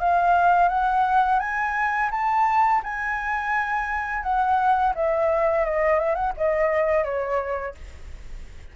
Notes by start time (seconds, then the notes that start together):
0.00 F5
0.69 F#5
1.40 G#5
2.11 A5
2.84 G#5
4.23 F#5
4.95 E5
5.65 D#5
6.00 E5
6.15 F#5
6.37 D#5
7.04 C#5